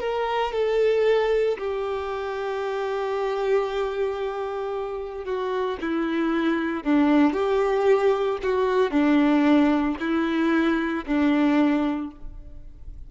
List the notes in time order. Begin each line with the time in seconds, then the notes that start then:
0.00 A#4
0.53 A4
1.58 G4
5.25 F#4
5.81 E4
6.84 D4
7.33 G4
8.43 F#4
8.91 D4
10.00 E4
11.06 D4